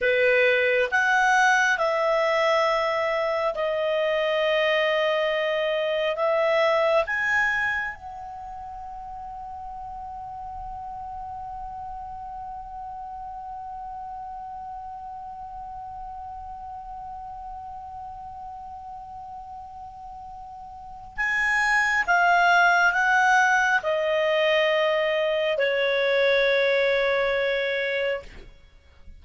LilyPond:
\new Staff \with { instrumentName = "clarinet" } { \time 4/4 \tempo 4 = 68 b'4 fis''4 e''2 | dis''2. e''4 | gis''4 fis''2.~ | fis''1~ |
fis''1~ | fis''1 | gis''4 f''4 fis''4 dis''4~ | dis''4 cis''2. | }